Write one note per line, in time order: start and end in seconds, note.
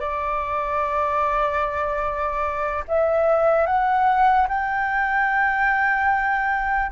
0.00 2.84 D5
2.88 3.66 E5
3.66 4.47 F#5
4.48 6.91 G5